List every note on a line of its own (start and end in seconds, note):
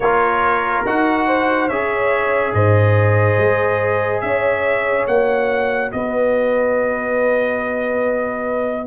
0.00 0.84 A#3
0.00 0.86 F4
0.00 1.27 A#4
0.00 0.85 C#5
0.85 1.68 D#4
0.85 1.70 F#4
0.85 1.68 F#5
1.27 1.68 C5
1.68 2.53 C#4
1.68 5.09 G#4
1.68 2.53 C#5
1.68 2.53 E5
2.53 3.37 G#2
2.53 4.23 C5
2.53 4.20 D#5
3.37 4.22 G#3
4.20 5.07 C#4
4.20 5.93 C#5
4.20 5.05 E5
5.07 5.92 A#3
5.07 8.87 F#4
5.07 5.91 F#5
5.92 8.87 B3
5.92 8.87 B4
5.92 8.87 D#5